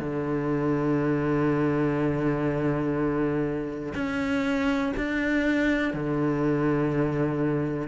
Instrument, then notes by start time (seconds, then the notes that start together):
cello
0.00 D3
3.95 C#4
4.98 D4
5.94 D3